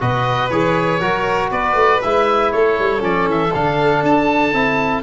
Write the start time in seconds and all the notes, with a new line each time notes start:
0.00 B2 F#4 B4 D#5
0.51 E3 G#4 C#5
1.00 F#3 F#4 A#4
1.51 B3 B4 D5
1.75 A3
2.02 G#3 E4 E5
2.52 A3 A4 C#5
2.80 G3
3.00 F3 C#4 D5
3.27 E3 E5
3.54 D3 D4 F5
4.03 D4 A5
4.53 C4 E4